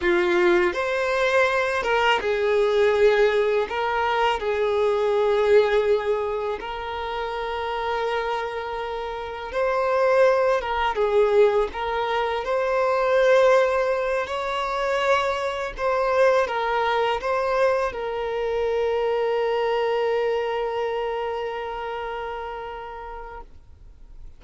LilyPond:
\new Staff \with { instrumentName = "violin" } { \time 4/4 \tempo 4 = 82 f'4 c''4. ais'8 gis'4~ | gis'4 ais'4 gis'2~ | gis'4 ais'2.~ | ais'4 c''4. ais'8 gis'4 |
ais'4 c''2~ c''8 cis''8~ | cis''4. c''4 ais'4 c''8~ | c''8 ais'2.~ ais'8~ | ais'1 | }